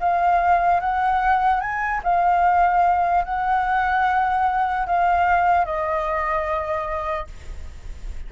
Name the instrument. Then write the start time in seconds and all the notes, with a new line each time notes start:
flute
0.00 F5
0.80 F#5
1.61 G#5
2.03 F5
3.25 F#5
4.87 F5
5.65 D#5